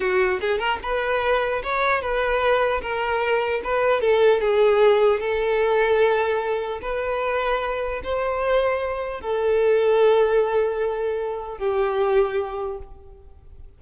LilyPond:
\new Staff \with { instrumentName = "violin" } { \time 4/4 \tempo 4 = 150 fis'4 gis'8 ais'8 b'2 | cis''4 b'2 ais'4~ | ais'4 b'4 a'4 gis'4~ | gis'4 a'2.~ |
a'4 b'2. | c''2. a'4~ | a'1~ | a'4 g'2. | }